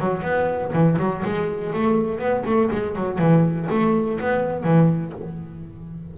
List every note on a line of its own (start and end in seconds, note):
0.00 0.23 F#3
0.23 0.72 B3
0.73 0.97 E3
0.99 1.24 F#3
1.25 1.73 G#3
1.73 2.19 A3
2.19 2.44 B3
2.46 2.70 A3
2.72 2.96 G#3
2.96 3.19 F#3
3.19 3.68 E3
3.70 4.19 A3
4.20 4.64 B3
4.64 5.13 E3